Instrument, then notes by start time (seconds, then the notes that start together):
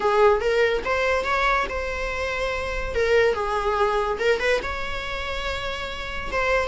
viola
0.00 G#4
0.40 A#4
0.84 C5
1.24 C#5
1.69 C5
2.94 A#4
3.34 G#4
4.19 A#4
4.39 B4
4.63 C#5
6.31 C5